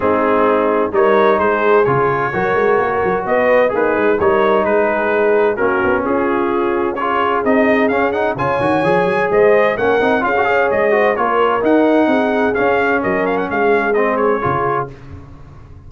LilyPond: <<
  \new Staff \with { instrumentName = "trumpet" } { \time 4/4 \tempo 4 = 129 gis'2 cis''4 c''4 | cis''2. dis''4 | b'4 cis''4 b'2 | ais'4 gis'2 cis''4 |
dis''4 f''8 fis''8 gis''2 | dis''4 fis''4 f''4 dis''4 | cis''4 fis''2 f''4 | dis''8 f''16 fis''16 f''4 dis''8 cis''4. | }
  \new Staff \with { instrumentName = "horn" } { \time 4/4 dis'2 ais'4 gis'4~ | gis'4 ais'2 b'4 | dis'4 ais'4 gis'2 | fis'4 f'2 gis'4~ |
gis'2 cis''2 | c''4 ais'4 gis'8 cis''4 c''8 | ais'2 gis'2 | ais'4 gis'2. | }
  \new Staff \with { instrumentName = "trombone" } { \time 4/4 c'2 dis'2 | f'4 fis'2. | gis'4 dis'2. | cis'2. f'4 |
dis'4 cis'8 dis'8 f'8 fis'8 gis'4~ | gis'4 cis'8 dis'8 f'16 fis'16 gis'4 fis'8 | f'4 dis'2 cis'4~ | cis'2 c'4 f'4 | }
  \new Staff \with { instrumentName = "tuba" } { \time 4/4 gis2 g4 gis4 | cis4 fis8 gis8 ais8 fis8 b4 | ais8 gis8 g4 gis2 | ais8 b8 cis'2. |
c'4 cis'4 cis8 dis8 f8 fis8 | gis4 ais8 c'8 cis'4 gis4 | ais4 dis'4 c'4 cis'4 | fis4 gis2 cis4 | }
>>